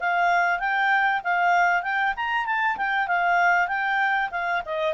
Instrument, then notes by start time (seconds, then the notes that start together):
clarinet
0.00 F5
0.60 G5
1.24 F5
1.83 G5
2.16 A#5
2.46 A5
2.77 G5
3.08 F5
3.68 G5
4.32 F5
4.66 D#5